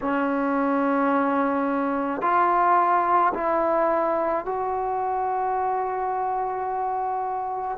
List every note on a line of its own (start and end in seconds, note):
0.01 2.21 C#4
2.21 3.32 F4
3.33 4.44 E4
4.44 7.78 F#4